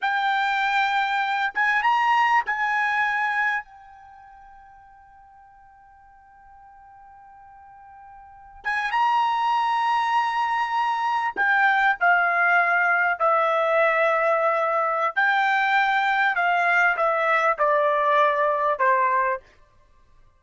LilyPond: \new Staff \with { instrumentName = "trumpet" } { \time 4/4 \tempo 4 = 99 g''2~ g''8 gis''8 ais''4 | gis''2 g''2~ | g''1~ | g''2~ g''16 gis''8 ais''4~ ais''16~ |
ais''2~ ais''8. g''4 f''16~ | f''4.~ f''16 e''2~ e''16~ | e''4 g''2 f''4 | e''4 d''2 c''4 | }